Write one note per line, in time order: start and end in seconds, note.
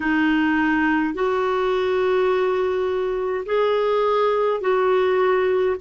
0.00 1.13 D#4
1.13 3.44 F#4
3.45 4.60 G#4
4.60 5.76 F#4